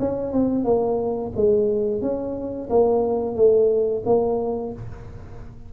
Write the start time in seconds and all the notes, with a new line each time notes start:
0.00 C#4
0.32 C4
0.65 A#3
1.36 G#3
2.02 C#4
2.70 A#3
3.36 A3
4.06 A#3